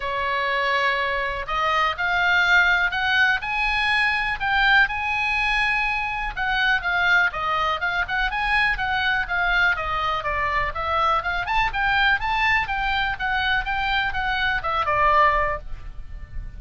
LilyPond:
\new Staff \with { instrumentName = "oboe" } { \time 4/4 \tempo 4 = 123 cis''2. dis''4 | f''2 fis''4 gis''4~ | gis''4 g''4 gis''2~ | gis''4 fis''4 f''4 dis''4 |
f''8 fis''8 gis''4 fis''4 f''4 | dis''4 d''4 e''4 f''8 a''8 | g''4 a''4 g''4 fis''4 | g''4 fis''4 e''8 d''4. | }